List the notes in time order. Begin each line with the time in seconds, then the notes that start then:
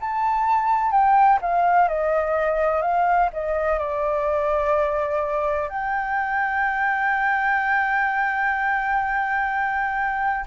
0.00 A5
0.91 G5
1.41 F5
1.88 D#5
2.81 F5
3.32 D#5
3.78 D5
5.69 G5